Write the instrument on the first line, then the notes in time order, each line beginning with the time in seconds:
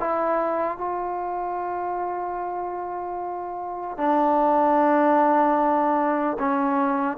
trombone
0.00 E4
0.78 F4
3.97 D4
6.39 C#4